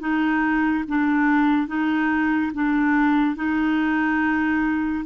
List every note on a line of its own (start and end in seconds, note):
0.00 0.85 D#4
0.88 1.67 D4
1.67 2.52 D#4
2.54 3.36 D4
3.36 5.05 D#4